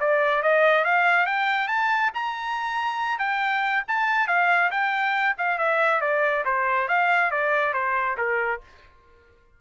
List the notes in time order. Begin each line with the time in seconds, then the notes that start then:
0.00 D5
0.43 D#5
0.85 F5
1.27 G5
1.68 A5
2.15 A#5
3.19 G5
3.88 A5
4.28 F5
4.71 G5
5.38 F5
5.59 E5
6.02 D5
6.46 C5
6.89 F5
7.31 D5
7.74 C5
8.18 A#4